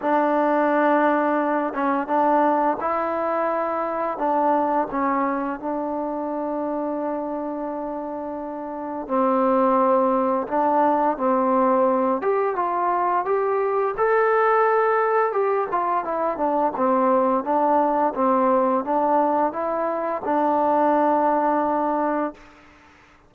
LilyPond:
\new Staff \with { instrumentName = "trombone" } { \time 4/4 \tempo 4 = 86 d'2~ d'8 cis'8 d'4 | e'2 d'4 cis'4 | d'1~ | d'4 c'2 d'4 |
c'4. g'8 f'4 g'4 | a'2 g'8 f'8 e'8 d'8 | c'4 d'4 c'4 d'4 | e'4 d'2. | }